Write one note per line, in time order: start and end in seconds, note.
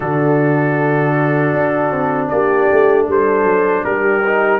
0.00 1.53 D3
0.00 4.23 D4
0.00 2.29 F#4
0.00 2.28 A4
1.53 1.91 D4
1.91 2.30 C4
2.28 2.69 A#3
2.28 3.06 G4
2.28 3.05 D5
2.72 3.08 A3
3.06 3.43 G3
3.06 3.83 A4
3.06 3.84 C5
3.43 3.82 F#3
3.84 4.60 G3
3.84 4.60 G4
3.84 4.60 A#4
4.26 4.60 D#4